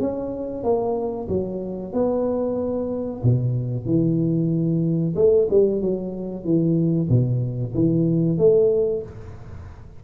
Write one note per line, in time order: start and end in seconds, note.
0.00 0.64 C#4
0.64 1.28 A#3
1.29 1.93 F#3
1.93 3.22 B3
3.24 3.86 B2
3.86 5.15 E3
5.16 5.48 A3
5.51 5.82 G3
5.82 6.45 F#3
6.45 7.09 E3
7.10 7.74 B2
7.75 8.38 E3
8.38 9.03 A3